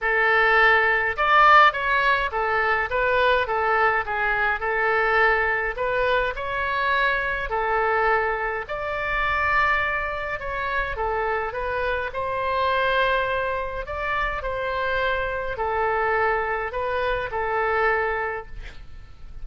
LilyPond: \new Staff \with { instrumentName = "oboe" } { \time 4/4 \tempo 4 = 104 a'2 d''4 cis''4 | a'4 b'4 a'4 gis'4 | a'2 b'4 cis''4~ | cis''4 a'2 d''4~ |
d''2 cis''4 a'4 | b'4 c''2. | d''4 c''2 a'4~ | a'4 b'4 a'2 | }